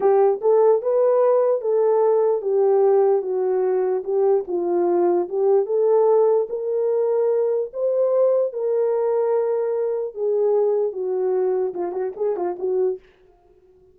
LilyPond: \new Staff \with { instrumentName = "horn" } { \time 4/4 \tempo 4 = 148 g'4 a'4 b'2 | a'2 g'2 | fis'2 g'4 f'4~ | f'4 g'4 a'2 |
ais'2. c''4~ | c''4 ais'2.~ | ais'4 gis'2 fis'4~ | fis'4 f'8 fis'8 gis'8 f'8 fis'4 | }